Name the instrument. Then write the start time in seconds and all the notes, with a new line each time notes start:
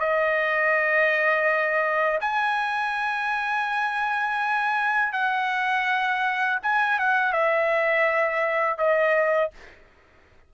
trumpet
0.00 D#5
2.21 G#5
5.13 F#5
6.63 G#5
6.99 F#5
7.33 E5
8.78 D#5